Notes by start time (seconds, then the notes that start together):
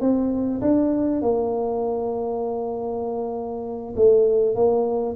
0.00 C4
0.61 D4
1.21 A#3
3.96 A3
4.55 A#3